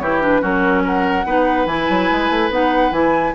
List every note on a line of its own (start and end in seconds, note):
0.00 0.42 E3
0.00 0.22 E4
0.00 0.42 G4
0.00 0.21 C#5
0.22 0.41 D4
0.22 0.44 B4
0.41 1.26 F#3
0.41 1.24 C#4
0.41 0.83 F#4
0.41 0.86 A#4
0.84 1.26 A#4
0.84 1.67 F#5
1.26 1.66 B3
1.26 1.68 D#4
1.26 3.35 B4
1.66 1.87 E3
1.66 2.51 E4
1.66 2.50 G#5
1.90 2.11 F#3
2.12 2.30 G#3
2.30 2.50 A3
2.50 2.91 B3
2.50 2.93 D#4
2.50 2.93 F#5
2.91 3.33 E3
2.91 3.34 E4
2.91 3.34 G#5